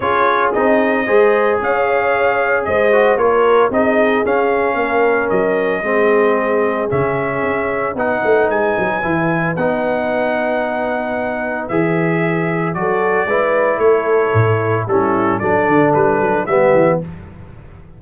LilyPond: <<
  \new Staff \with { instrumentName = "trumpet" } { \time 4/4 \tempo 4 = 113 cis''4 dis''2 f''4~ | f''4 dis''4 cis''4 dis''4 | f''2 dis''2~ | dis''4 e''2 fis''4 |
gis''2 fis''2~ | fis''2 e''2 | d''2 cis''2 | a'4 d''4 b'4 e''4 | }
  \new Staff \with { instrumentName = "horn" } { \time 4/4 gis'2 c''4 cis''4~ | cis''4 c''4 ais'4 gis'4~ | gis'4 ais'2 gis'4~ | gis'2. b'4~ |
b'1~ | b'1 | a'4 b'4 a'2 | e'4 a'2 g'4 | }
  \new Staff \with { instrumentName = "trombone" } { \time 4/4 f'4 dis'4 gis'2~ | gis'4. fis'8 f'4 dis'4 | cis'2. c'4~ | c'4 cis'2 dis'4~ |
dis'4 e'4 dis'2~ | dis'2 gis'2 | fis'4 e'2. | cis'4 d'2 b4 | }
  \new Staff \with { instrumentName = "tuba" } { \time 4/4 cis'4 c'4 gis4 cis'4~ | cis'4 gis4 ais4 c'4 | cis'4 ais4 fis4 gis4~ | gis4 cis4 cis'4 b8 a8 |
gis8 fis8 e4 b2~ | b2 e2 | fis4 gis4 a4 a,4 | g4 fis8 d8 g8 fis8 g8 e8 | }
>>